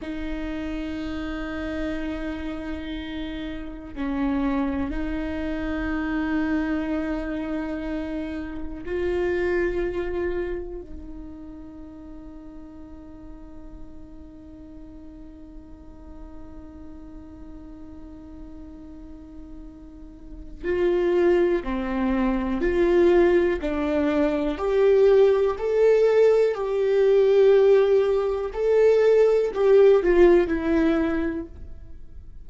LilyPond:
\new Staff \with { instrumentName = "viola" } { \time 4/4 \tempo 4 = 61 dis'1 | cis'4 dis'2.~ | dis'4 f'2 dis'4~ | dis'1~ |
dis'1~ | dis'4 f'4 c'4 f'4 | d'4 g'4 a'4 g'4~ | g'4 a'4 g'8 f'8 e'4 | }